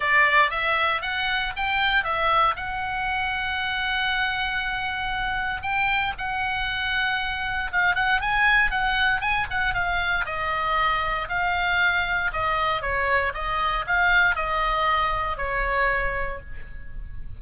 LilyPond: \new Staff \with { instrumentName = "oboe" } { \time 4/4 \tempo 4 = 117 d''4 e''4 fis''4 g''4 | e''4 fis''2.~ | fis''2. g''4 | fis''2. f''8 fis''8 |
gis''4 fis''4 gis''8 fis''8 f''4 | dis''2 f''2 | dis''4 cis''4 dis''4 f''4 | dis''2 cis''2 | }